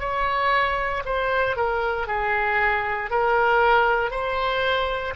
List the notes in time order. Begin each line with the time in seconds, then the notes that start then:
0.00 C#5
1.05 C5
1.57 A#4
2.07 G#4
3.11 A#4
4.11 C5